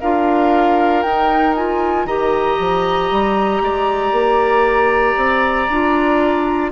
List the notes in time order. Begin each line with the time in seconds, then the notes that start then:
0.00 D4 F4 A#4 F5
1.03 D#4 G5
1.55 F4 G#5
2.05 D#3 G4 D#5 A#5
2.59 F3
3.11 G3
3.61 G#3 D5
4.12 A#3
5.17 C4
5.69 D4 F4